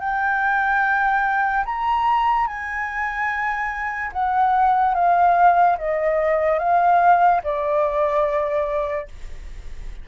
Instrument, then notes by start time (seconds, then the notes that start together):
flute
0.00 G5
1.65 A#5
2.47 G#5
4.12 F#5
4.94 F5
5.78 D#5
6.59 F5
7.44 D5